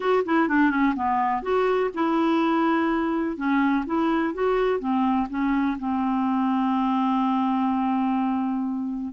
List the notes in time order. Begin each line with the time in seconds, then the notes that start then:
0.00 F#4
0.25 E4
0.48 D4
0.70 C#4
0.95 B3
1.42 F#4
1.94 E4
3.36 C#4
3.86 E4
4.34 F#4
4.79 C4
5.29 C#4
5.78 C4